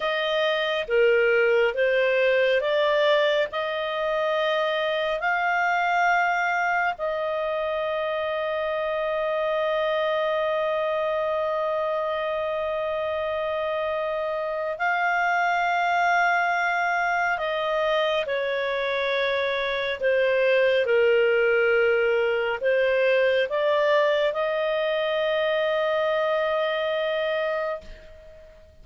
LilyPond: \new Staff \with { instrumentName = "clarinet" } { \time 4/4 \tempo 4 = 69 dis''4 ais'4 c''4 d''4 | dis''2 f''2 | dis''1~ | dis''1~ |
dis''4 f''2. | dis''4 cis''2 c''4 | ais'2 c''4 d''4 | dis''1 | }